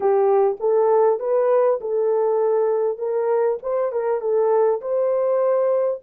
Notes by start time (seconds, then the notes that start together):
0.00 G4
0.60 A4
1.19 B4
1.80 A4
2.98 A#4
3.62 C5
3.92 A#4
4.20 A4
4.81 C5